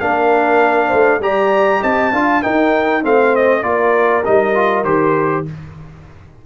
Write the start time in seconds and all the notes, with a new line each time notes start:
0.00 A#3 D4 A#4 F5
0.87 A3 C5
1.20 G3 G4 D5 A#5
1.82 C4 D#5 A5
2.12 D4 F4 F5
2.43 D#4 A#4 G5
3.03 A3 C4 C5 F5
3.36 D#5
3.63 A#3 F4 A#4 D5
4.25 G3 D#4 D#5
4.55 F4
4.84 D#3 G4 C5